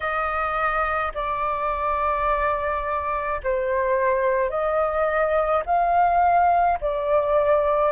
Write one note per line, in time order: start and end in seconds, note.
0.00 1.12 D#5
1.14 3.40 D5
3.43 4.50 C5
4.50 5.63 D#5
5.66 6.79 F5
6.80 7.92 D5